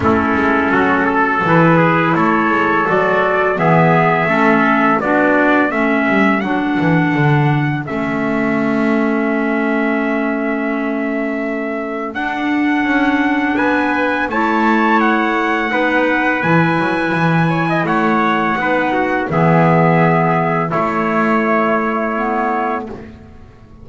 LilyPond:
<<
  \new Staff \with { instrumentName = "trumpet" } { \time 4/4 \tempo 4 = 84 a'2 b'4 cis''4 | d''4 e''2 d''4 | e''4 fis''2 e''4~ | e''1~ |
e''4 fis''2 gis''4 | a''4 fis''2 gis''4~ | gis''4 fis''2 e''4~ | e''4 cis''2. | }
  \new Staff \with { instrumentName = "trumpet" } { \time 4/4 e'4 fis'8 a'4 gis'8 a'4~ | a'4 gis'4 a'4 fis'4 | a'1~ | a'1~ |
a'2. b'4 | cis''2 b'2~ | b'8 cis''16 dis''16 cis''4 b'8 fis'8 gis'4~ | gis'4 e'2. | }
  \new Staff \with { instrumentName = "clarinet" } { \time 4/4 cis'2 e'2 | fis'4 b4 cis'4 d'4 | cis'4 d'2 cis'4~ | cis'1~ |
cis'4 d'2. | e'2 dis'4 e'4~ | e'2 dis'4 b4~ | b4 a2 b4 | }
  \new Staff \with { instrumentName = "double bass" } { \time 4/4 a8 gis8 fis4 e4 a8 gis8 | fis4 e4 a4 b4 | a8 g8 fis8 e8 d4 a4~ | a1~ |
a4 d'4 cis'4 b4 | a2 b4 e8 fis8 | e4 a4 b4 e4~ | e4 a2. | }
>>